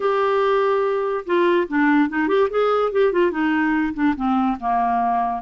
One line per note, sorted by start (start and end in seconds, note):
0.00 1.24 G4
1.26 1.67 F4
1.68 2.09 D4
2.09 2.27 D#4
2.27 2.48 G4
2.50 2.91 G#4
2.92 3.12 G4
3.12 3.31 F4
3.31 3.93 D#4
3.93 4.14 D4
4.16 4.57 C4
4.59 5.42 A#3